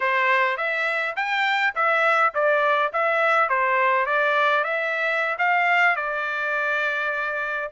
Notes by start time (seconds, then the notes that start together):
0.00 C5
0.57 E5
1.15 G5
1.75 E5
2.34 D5
2.92 E5
3.49 C5
4.06 D5
4.64 E5
5.38 F5
5.96 D5